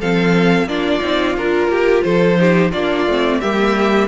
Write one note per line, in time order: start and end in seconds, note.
0.00 0.65 F3
0.00 0.68 C4
0.00 0.68 A4
0.00 0.68 F5
0.65 0.99 A#3
0.65 1.01 D4
0.65 1.70 F4
0.65 1.37 D5
1.01 1.37 C4
1.01 1.35 D#4
1.37 1.68 D4
1.37 2.37 F4
1.37 2.03 A#4
1.68 2.02 A#3
1.68 2.05 G4
2.03 2.73 F3
2.03 2.39 A4
2.03 2.71 C5
2.37 2.71 D#4
2.37 2.71 G4
2.71 3.07 A#3
2.71 3.08 D4
2.71 3.39 F4
2.71 3.41 D5
3.07 3.41 A3
3.07 3.42 C4
3.40 4.08 G3
3.40 4.08 A#3
3.40 4.08 G4
3.40 4.08 E5